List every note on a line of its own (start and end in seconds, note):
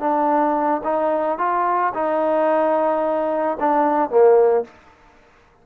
0.00 0.82 D4
0.84 1.39 D#4
1.39 1.93 F4
1.94 3.58 D#4
3.60 4.10 D4
4.10 4.65 A#3